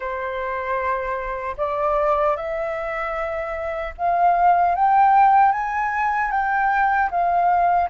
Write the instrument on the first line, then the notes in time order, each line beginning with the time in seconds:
flute
0.00 C5
1.57 D5
2.36 E5
3.97 F5
4.75 G5
5.52 G#5
6.31 G5
7.11 F5